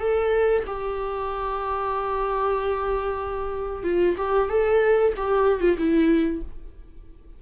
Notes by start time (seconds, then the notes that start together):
0.00 A4
0.67 G4
3.84 F4
4.18 G4
4.49 A4
5.17 G4
5.61 F4
5.78 E4